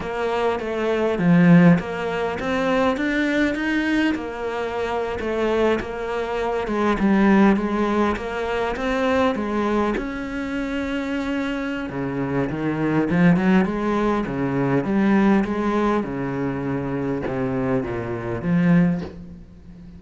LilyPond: \new Staff \with { instrumentName = "cello" } { \time 4/4 \tempo 4 = 101 ais4 a4 f4 ais4 | c'4 d'4 dis'4 ais4~ | ais8. a4 ais4. gis8 g16~ | g8. gis4 ais4 c'4 gis16~ |
gis8. cis'2.~ cis'16 | cis4 dis4 f8 fis8 gis4 | cis4 g4 gis4 cis4~ | cis4 c4 ais,4 f4 | }